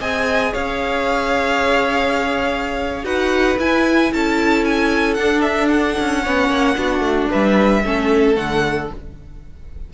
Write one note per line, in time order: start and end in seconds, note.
0.00 0.54 C4
0.00 3.04 G#4
0.00 0.53 D#5
0.00 0.54 G#5
0.53 3.04 C#4
0.53 3.05 C#5
0.53 3.06 F5
3.04 3.57 D#4
3.04 3.57 F#4
3.04 4.11 B4
3.04 3.59 F#5
3.59 4.12 E4
3.59 5.18 E4
3.59 4.13 G#5
4.13 5.18 C#4
4.13 6.23 A4
4.13 4.65 A5
4.65 5.14 G#5
5.14 5.97 D4
5.14 6.24 D4
5.14 5.41 F#5
5.42 5.68 E5
5.68 7.27 F#5
6.00 6.27 C#4
6.23 6.49 B3
6.23 6.76 C#4
6.23 6.76 C#5
6.49 6.76 A#3
6.76 7.00 B3
6.76 7.82 D4
6.76 7.30 F#4
7.00 7.26 A3
7.30 7.85 G3
7.30 7.83 B4
7.30 8.36 E5
7.85 8.37 A3
7.85 8.35 C#4
7.85 8.94 A4
8.35 8.90 D3
8.35 8.88 A3
8.35 8.89 F#5